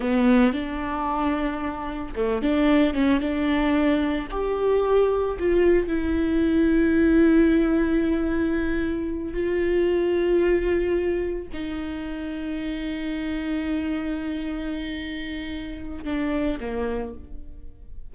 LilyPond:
\new Staff \with { instrumentName = "viola" } { \time 4/4 \tempo 4 = 112 b4 d'2. | a8 d'4 cis'8 d'2 | g'2 f'4 e'4~ | e'1~ |
e'4. f'2~ f'8~ | f'4. dis'2~ dis'8~ | dis'1~ | dis'2 d'4 ais4 | }